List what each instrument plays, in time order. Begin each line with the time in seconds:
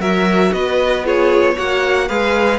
0.00 cello F#3, viola F#4, violin A#4 E5
0.53 cello B3, violin B4 D#5
1.05 viola F4, violin G#4 C#5
1.54 cello A#3, viola F#4, violin C#5 F#5
2.09 cello G#3, viola G#4, violin B4 F5